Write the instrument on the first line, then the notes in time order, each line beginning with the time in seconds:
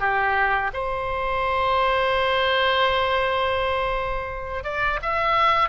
oboe
0.00 G4
0.74 C5
4.64 D5
5.03 E5